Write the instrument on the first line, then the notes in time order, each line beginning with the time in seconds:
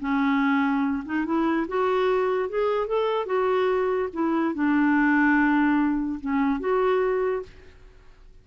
clarinet
0.00 C#4
1.05 D#4
1.25 E4
1.68 F#4
2.49 G#4
2.87 A4
3.26 F#4
4.13 E4
4.54 D4
6.20 C#4
6.60 F#4